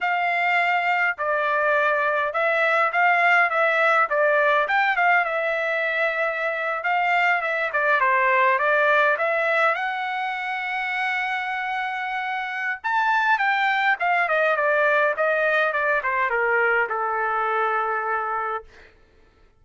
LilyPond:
\new Staff \with { instrumentName = "trumpet" } { \time 4/4 \tempo 4 = 103 f''2 d''2 | e''4 f''4 e''4 d''4 | g''8 f''8 e''2~ e''8. f''16~ | f''8. e''8 d''8 c''4 d''4 e''16~ |
e''8. fis''2.~ fis''16~ | fis''2 a''4 g''4 | f''8 dis''8 d''4 dis''4 d''8 c''8 | ais'4 a'2. | }